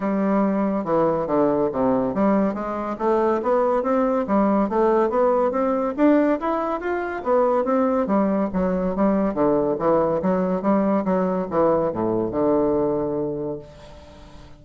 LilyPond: \new Staff \with { instrumentName = "bassoon" } { \time 4/4 \tempo 4 = 141 g2 e4 d4 | c4 g4 gis4 a4 | b4 c'4 g4 a4 | b4 c'4 d'4 e'4 |
f'4 b4 c'4 g4 | fis4 g4 d4 e4 | fis4 g4 fis4 e4 | a,4 d2. | }